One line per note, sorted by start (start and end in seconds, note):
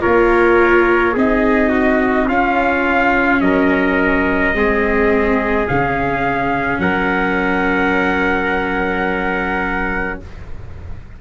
0.00 1.15 A#3
0.00 1.13 F4
0.00 1.13 A#4
0.00 1.14 C#5
1.13 2.27 C4
1.13 2.29 D#4
1.13 1.69 G#4
1.13 2.28 D#5
1.69 2.25 F#4
2.27 3.40 C#4
2.27 4.54 C#4
2.27 3.41 F4
2.27 3.41 F5
3.41 4.53 F#3
3.41 4.57 A#4
3.41 5.67 D#5
4.53 5.67 G#3
4.53 5.67 C4
4.53 6.81 G#4
5.67 6.79 C#3
5.67 10.21 C#4
5.67 6.80 F5
6.79 10.18 F#3
6.79 10.21 A#4
6.79 10.19 F#5